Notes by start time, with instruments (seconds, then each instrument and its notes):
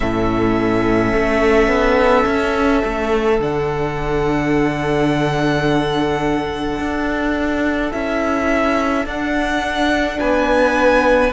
0.00 cello A2, viola C#4, violin A4 E5
1.13 cello A3
1.67 cello B3
2.26 cello C#4
2.84 cello A3
3.39 cello D3, viola D4, violin F#5
6.78 cello D4
7.92 cello C#4, viola E4, violin E5
9.05 viola D4, cello D4, violin F#5
10.19 cello B3, violin B4 G#5